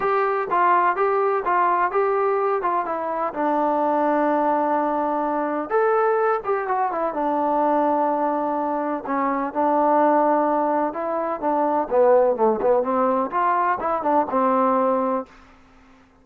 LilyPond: \new Staff \with { instrumentName = "trombone" } { \time 4/4 \tempo 4 = 126 g'4 f'4 g'4 f'4 | g'4. f'8 e'4 d'4~ | d'1 | a'4. g'8 fis'8 e'8 d'4~ |
d'2. cis'4 | d'2. e'4 | d'4 b4 a8 b8 c'4 | f'4 e'8 d'8 c'2 | }